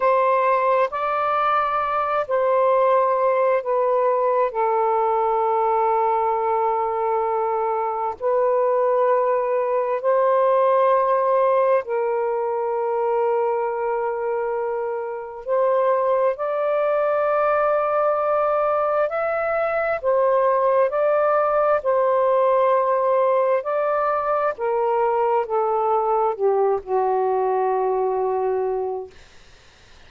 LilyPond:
\new Staff \with { instrumentName = "saxophone" } { \time 4/4 \tempo 4 = 66 c''4 d''4. c''4. | b'4 a'2.~ | a'4 b'2 c''4~ | c''4 ais'2.~ |
ais'4 c''4 d''2~ | d''4 e''4 c''4 d''4 | c''2 d''4 ais'4 | a'4 g'8 fis'2~ fis'8 | }